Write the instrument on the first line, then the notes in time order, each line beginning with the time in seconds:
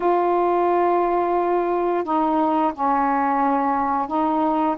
saxophone
0.00 F4
2.04 D#4
2.73 C#4
4.07 D#4